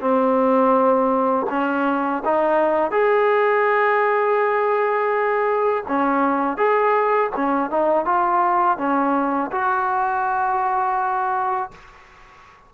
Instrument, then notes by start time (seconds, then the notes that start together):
trombone
0.00 C4
1.49 C#4
2.25 D#4
2.91 G#4
5.87 C#4
6.57 G#4
7.36 C#4
7.70 D#4
8.05 F4
8.77 C#4
9.52 F#4